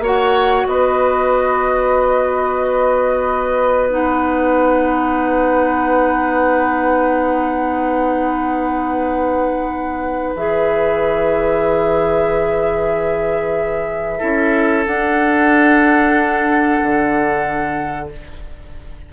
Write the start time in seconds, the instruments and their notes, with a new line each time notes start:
0.00 bassoon A#3, clarinet F#4, oboe C#5
0.06 flute F#5
0.67 bassoon B3, oboe B4, flute D#5
3.90 clarinet D#4, flute F#5
10.36 bassoon E3, clarinet G#4, flute E5
14.18 bassoon C#4, clarinet E4, oboe A4
14.86 bassoon D4, clarinet D4, flute F#5
16.83 bassoon D3